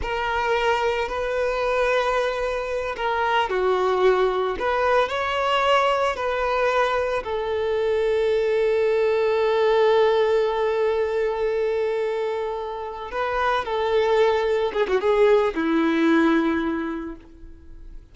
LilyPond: \new Staff \with { instrumentName = "violin" } { \time 4/4 \tempo 4 = 112 ais'2 b'2~ | b'4. ais'4 fis'4.~ | fis'8 b'4 cis''2 b'8~ | b'4. a'2~ a'8~ |
a'1~ | a'1~ | a'8 b'4 a'2 gis'16 fis'16 | gis'4 e'2. | }